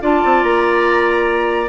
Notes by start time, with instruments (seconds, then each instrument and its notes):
0.00 bassoon D4, clarinet F4, oboe D5, flute A5
0.24 bassoon C4
0.43 bassoon A#3, flute A#5